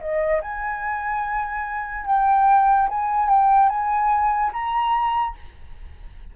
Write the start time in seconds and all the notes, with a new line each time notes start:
0.00 D#5
0.41 G#5
2.06 G5
2.88 G#5
3.29 G5
3.69 G#5
4.52 A#5